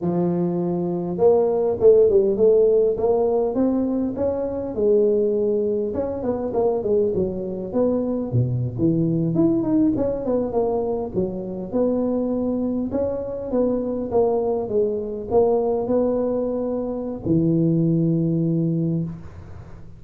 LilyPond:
\new Staff \with { instrumentName = "tuba" } { \time 4/4 \tempo 4 = 101 f2 ais4 a8 g8 | a4 ais4 c'4 cis'4 | gis2 cis'8 b8 ais8 gis8 | fis4 b4 b,8. e4 e'16~ |
e'16 dis'8 cis'8 b8 ais4 fis4 b16~ | b4.~ b16 cis'4 b4 ais16~ | ais8. gis4 ais4 b4~ b16~ | b4 e2. | }